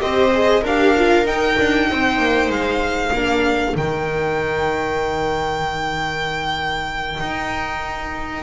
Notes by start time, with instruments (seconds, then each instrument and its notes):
0.00 double bass C4, viola G4 C5, violin D#5
0.33 viola G#4
0.62 double bass D4, viola G4 A#4, violin F5
0.97 viola F4
1.25 double bass D#4, viola D#4, violin G5
1.59 double bass D4
1.91 double bass C4, viola C5
2.19 double bass A#3
2.49 double bass G#3, violin F5
3.13 double bass A#3, viola D4 A#4
3.76 double bass D#3, viola D#4, violin G5
7.21 double bass D#4